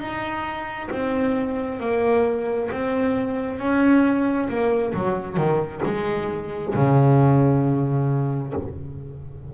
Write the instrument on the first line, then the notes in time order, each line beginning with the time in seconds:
double bass
0.00 D#4
0.91 C4
1.80 A#3
2.72 C4
3.59 C#4
4.49 A#3
4.94 F#3
5.37 D#3
5.85 G#3
6.75 C#3